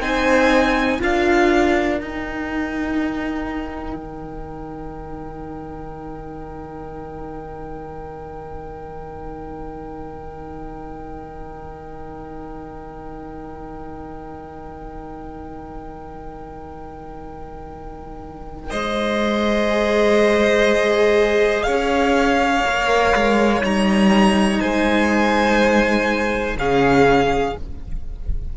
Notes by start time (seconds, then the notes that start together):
0.00 C4 D#4 C5 G#5
1.00 D4 F4 A#4 F5
1.97 D#4 G5
3.94 D#3
18.70 G#3 C5 D#5
19.69 G#4
21.63 C#4 C#5 F5
22.64 A#3 A#4
23.13 G#3
23.61 G3 D#4 A#5
24.59 G#3 C5 G#5
26.56 C#3 C#4 G#4 F5